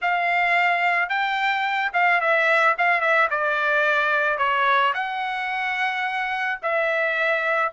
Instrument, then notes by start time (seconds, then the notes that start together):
trumpet
0.01 F5
1.09 G5
1.93 F5
2.20 E5
2.78 F5
3.01 E5
3.30 D5
4.38 C#5
4.93 F#5
6.62 E5